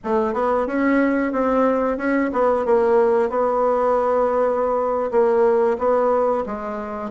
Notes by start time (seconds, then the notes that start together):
0.04 A3
0.33 B3
0.67 C#4
1.32 C4
1.97 C#4
2.32 B3
2.65 A#3
3.29 B3
5.11 A#3
5.78 B3
6.46 G#3